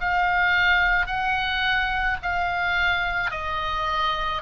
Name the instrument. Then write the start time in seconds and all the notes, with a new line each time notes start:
oboe
0.00 F5
1.06 F#5
2.22 F5
3.30 D#5